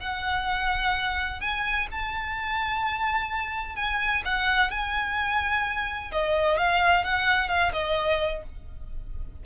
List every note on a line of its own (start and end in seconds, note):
0.00 1.41 F#5
1.41 1.87 G#5
1.92 3.76 A5
3.76 4.23 G#5
4.25 4.71 F#5
4.71 6.12 G#5
6.12 6.58 D#5
6.58 7.04 F5
7.04 7.49 F#5
7.49 7.72 F5
7.73 8.43 D#5